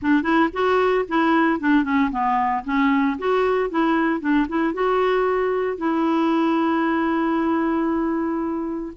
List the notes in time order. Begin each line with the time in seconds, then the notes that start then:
0.02 D4
0.22 E4
0.52 F#4
1.08 E4
1.60 D4
1.83 C#4
2.11 B3
2.64 C#4
3.18 F#4
3.70 E4
4.20 D4
4.48 E4
4.73 F#4
5.77 E4